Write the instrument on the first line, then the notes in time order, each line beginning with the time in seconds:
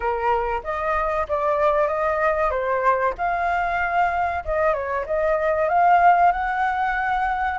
flute
0.00 A#4
0.63 D#5
1.28 D5
1.87 D#5
2.50 C5
3.17 F5
4.44 D#5
4.73 C#5
5.06 D#5
5.68 F5
6.32 F#5